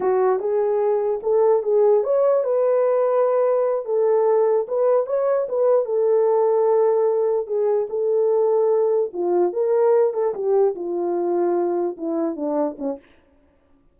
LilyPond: \new Staff \with { instrumentName = "horn" } { \time 4/4 \tempo 4 = 148 fis'4 gis'2 a'4 | gis'4 cis''4 b'2~ | b'4. a'2 b'8~ | b'8 cis''4 b'4 a'4.~ |
a'2~ a'8 gis'4 a'8~ | a'2~ a'8 f'4 ais'8~ | ais'4 a'8 g'4 f'4.~ | f'4. e'4 d'4 cis'8 | }